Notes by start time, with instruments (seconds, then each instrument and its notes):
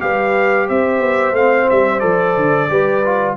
0.00 tuba G3, trombone G4, horn B4, trumpet F5
0.68 tuba C4, horn C5, trumpet E5
0.99 tuba B3
1.32 tuba A3, trombone C4, trumpet F5
1.70 tuba G3, trumpet E5
2.00 tuba F3, trombone A4, trumpet D5
2.36 tuba D3
2.69 tuba G3, trombone G4, horn B4
3.05 trombone F4